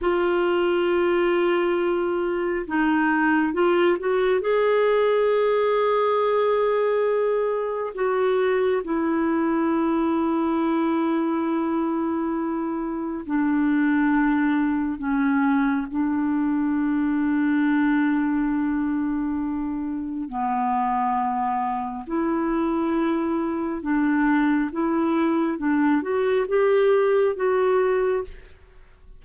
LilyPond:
\new Staff \with { instrumentName = "clarinet" } { \time 4/4 \tempo 4 = 68 f'2. dis'4 | f'8 fis'8 gis'2.~ | gis'4 fis'4 e'2~ | e'2. d'4~ |
d'4 cis'4 d'2~ | d'2. b4~ | b4 e'2 d'4 | e'4 d'8 fis'8 g'4 fis'4 | }